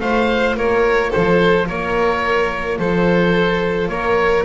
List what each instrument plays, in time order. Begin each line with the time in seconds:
0.00 double bass A3, viola F4, violin C5, oboe F5
0.55 double bass A#3, violin A#4, oboe C#5
1.09 violin A4, oboe C5
1.16 double bass F3
1.67 double bass A#3, violin A#4, oboe C#5
2.78 double bass F3, violin A4, oboe C5
3.88 double bass A#3, violin A#4, oboe C#5